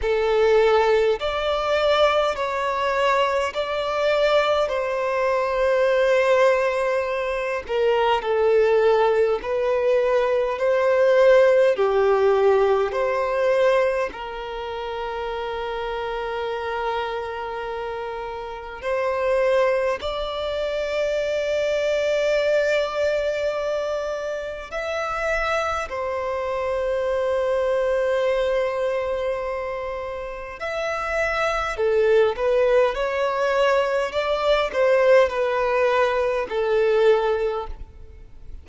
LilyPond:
\new Staff \with { instrumentName = "violin" } { \time 4/4 \tempo 4 = 51 a'4 d''4 cis''4 d''4 | c''2~ c''8 ais'8 a'4 | b'4 c''4 g'4 c''4 | ais'1 |
c''4 d''2.~ | d''4 e''4 c''2~ | c''2 e''4 a'8 b'8 | cis''4 d''8 c''8 b'4 a'4 | }